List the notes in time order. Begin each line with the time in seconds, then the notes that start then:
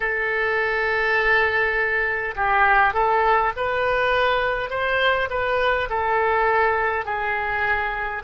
0.00 A4
2.36 G4
2.93 A4
3.56 B4
4.70 C5
5.29 B4
5.89 A4
7.05 G#4